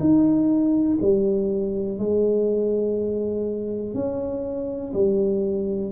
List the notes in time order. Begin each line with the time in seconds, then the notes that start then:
0.00 D#4
1.01 G3
1.99 G#3
3.94 C#4
4.94 G3